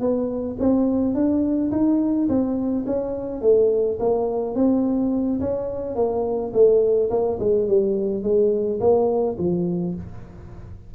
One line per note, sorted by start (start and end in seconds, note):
0.00 0.57 B3
0.59 1.14 C4
1.14 1.71 D4
1.71 2.28 D#4
2.28 2.85 C4
2.86 3.41 C#4
3.41 3.98 A3
4.00 4.55 A#3
4.55 5.40 C4
5.40 5.95 C#4
5.95 6.52 A#3
6.53 7.10 A3
7.10 7.38 A#3
7.39 7.68 G#3
7.68 8.23 G3
8.23 8.79 G#3
8.80 9.37 A#3
9.38 9.95 F3